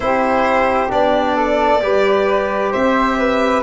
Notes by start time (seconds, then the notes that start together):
0.00 C4 E4 G4 C5
0.89 B3 D4 D5
1.35 A4
1.80 G3 G4 B4
2.71 C4 C5 E5
3.18 B4